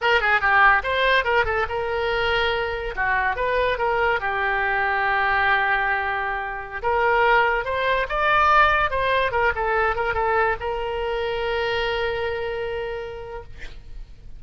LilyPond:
\new Staff \with { instrumentName = "oboe" } { \time 4/4 \tempo 4 = 143 ais'8 gis'8 g'4 c''4 ais'8 a'8 | ais'2. fis'4 | b'4 ais'4 g'2~ | g'1~ |
g'16 ais'2 c''4 d''8.~ | d''4~ d''16 c''4 ais'8 a'4 ais'16~ | ais'16 a'4 ais'2~ ais'8.~ | ais'1 | }